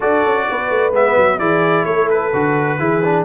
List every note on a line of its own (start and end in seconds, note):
0.00 0.24 D4
0.00 0.92 F#4
0.00 0.46 A4
0.00 0.93 D5
0.24 0.47 C#4
0.49 0.69 B3
0.49 1.39 B4
0.69 0.91 A3
0.91 1.14 G#3
0.91 1.39 B3
0.91 1.38 E5
1.16 1.39 F#3
1.38 1.84 E3
1.38 2.32 E4
1.38 1.85 G#4
1.38 1.85 D5
1.84 2.30 A3
1.84 2.79 A4
1.84 2.08 C#5
2.09 3.25 B4
2.33 2.78 D3
2.33 2.79 F#4
2.78 3.25 E3
2.78 3.02 E4
2.78 3.25 G#4
3.03 3.25 D4